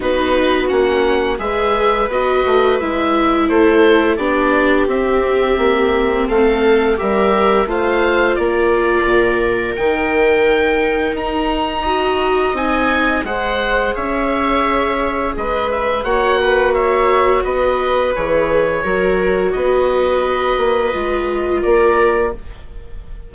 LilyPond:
<<
  \new Staff \with { instrumentName = "oboe" } { \time 4/4 \tempo 4 = 86 b'4 fis''4 e''4 dis''4 | e''4 c''4 d''4 e''4~ | e''4 f''4 e''4 f''4 | d''2 g''2 |
ais''2 gis''4 fis''4 | e''2 dis''8 e''8 fis''4 | e''4 dis''4 cis''2 | dis''2. d''4 | }
  \new Staff \with { instrumentName = "viola" } { \time 4/4 fis'2 b'2~ | b'4 a'4 g'2~ | g'4 a'4 ais'4 c''4 | ais'1~ |
ais'4 dis''2 c''4 | cis''2 b'4 cis''8 b'8 | cis''4 b'2 ais'4 | b'2. ais'4 | }
  \new Staff \with { instrumentName = "viola" } { \time 4/4 dis'4 cis'4 gis'4 fis'4 | e'2 d'4 c'4~ | c'2 g'4 f'4~ | f'2 dis'2~ |
dis'4 fis'4 dis'4 gis'4~ | gis'2. fis'4~ | fis'2 gis'4 fis'4~ | fis'2 f'2 | }
  \new Staff \with { instrumentName = "bassoon" } { \time 4/4 b4 ais4 gis4 b8 a8 | gis4 a4 b4 c'4 | ais4 a4 g4 a4 | ais4 ais,4 dis2 |
dis'2 c'4 gis4 | cis'2 gis4 ais4~ | ais4 b4 e4 fis4 | b4. ais8 gis4 ais4 | }
>>